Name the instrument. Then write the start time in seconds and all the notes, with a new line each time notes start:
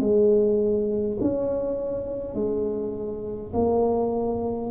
tuba
0.00 G#3
1.21 C#4
2.35 G#3
3.53 A#3